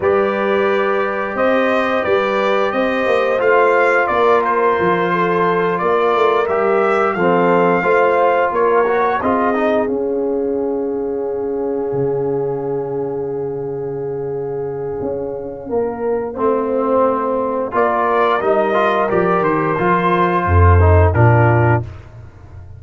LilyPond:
<<
  \new Staff \with { instrumentName = "trumpet" } { \time 4/4 \tempo 4 = 88 d''2 dis''4 d''4 | dis''4 f''4 d''8 c''4.~ | c''8 d''4 e''4 f''4.~ | f''8 cis''4 dis''4 f''4.~ |
f''1~ | f''1~ | f''2 d''4 dis''4 | d''8 c''2~ c''8 ais'4 | }
  \new Staff \with { instrumentName = "horn" } { \time 4/4 b'2 c''4 b'4 | c''2 ais'4. a'8~ | a'8 ais'2 a'4 c''8~ | c''8 ais'4 gis'2~ gis'8~ |
gis'1~ | gis'2. ais'4 | c''2 ais'2~ | ais'2 a'4 f'4 | }
  \new Staff \with { instrumentName = "trombone" } { \time 4/4 g'1~ | g'4 f'2.~ | f'4. g'4 c'4 f'8~ | f'4 fis'8 f'8 dis'8 cis'4.~ |
cis'1~ | cis'1 | c'2 f'4 dis'8 f'8 | g'4 f'4. dis'8 d'4 | }
  \new Staff \with { instrumentName = "tuba" } { \time 4/4 g2 c'4 g4 | c'8 ais8 a4 ais4 f4~ | f8 ais8 a8 g4 f4 a8~ | a8 ais4 c'4 cis'4.~ |
cis'4. cis2~ cis8~ | cis2 cis'4 ais4 | a2 ais4 g4 | f8 dis8 f4 f,4 ais,4 | }
>>